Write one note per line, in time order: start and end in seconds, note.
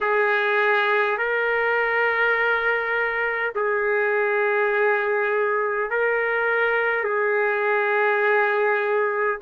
0.01 1.18 G#4
1.18 3.53 A#4
3.55 5.90 G#4
5.90 7.03 A#4
7.03 9.39 G#4